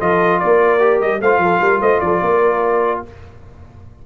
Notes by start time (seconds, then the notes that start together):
0.00 F3 F4 A4 D#5
0.40 A#3 A#4 D5
0.80 G4
1.01 G3 D#5
1.21 A3 F4 C5 F5
1.38 F3 A4
1.61 G3 A#4
1.80 A3 C5 D#5
2.01 F3 A4 D5
2.21 A#3 A#4